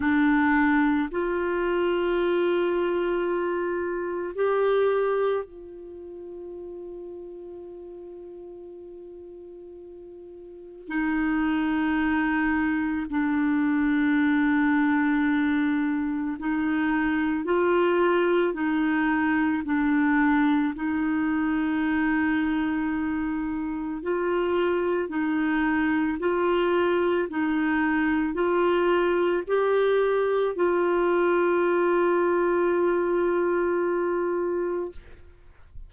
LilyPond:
\new Staff \with { instrumentName = "clarinet" } { \time 4/4 \tempo 4 = 55 d'4 f'2. | g'4 f'2.~ | f'2 dis'2 | d'2. dis'4 |
f'4 dis'4 d'4 dis'4~ | dis'2 f'4 dis'4 | f'4 dis'4 f'4 g'4 | f'1 | }